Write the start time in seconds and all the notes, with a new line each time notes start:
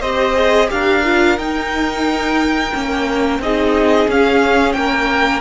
0.00 C4 G4 C5 D#5
0.35 G#4
0.69 D4 G4 A#4 F5
1.04 F4
1.37 D#4 G5
2.73 A#3 C#4
3.39 C4 D#4 G#4 D#5
4.08 C#4 F5
4.73 A#3 A#4 G5